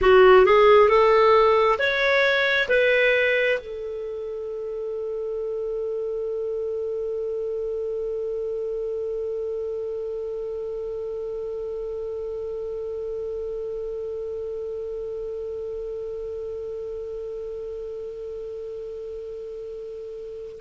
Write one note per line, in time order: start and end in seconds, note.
0.01 0.45 F#4
0.45 0.89 G#4
0.89 1.78 A4
1.78 2.68 C#5
2.68 3.58 B4
3.60 20.61 A4